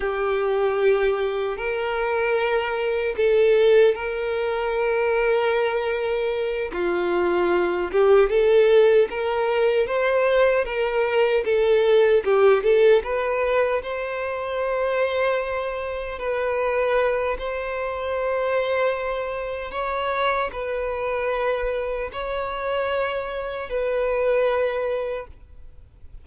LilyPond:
\new Staff \with { instrumentName = "violin" } { \time 4/4 \tempo 4 = 76 g'2 ais'2 | a'4 ais'2.~ | ais'8 f'4. g'8 a'4 ais'8~ | ais'8 c''4 ais'4 a'4 g'8 |
a'8 b'4 c''2~ c''8~ | c''8 b'4. c''2~ | c''4 cis''4 b'2 | cis''2 b'2 | }